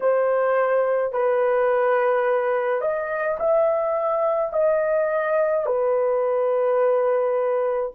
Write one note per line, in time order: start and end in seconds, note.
0.00 1.12 C5
1.12 2.81 B4
2.81 3.38 D#5
3.39 4.52 E5
4.52 5.66 D#5
5.66 7.92 B4